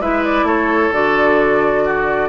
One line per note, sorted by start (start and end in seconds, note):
0.00 0.43 G#3
0.00 0.92 E4
0.00 0.46 B4
0.00 0.24 E5
0.24 0.47 D5
0.43 0.89 A3
0.43 1.85 A4
0.43 0.93 C#5
0.92 2.29 D3
0.92 2.29 F#4
0.92 2.29 D5
1.85 2.29 F#4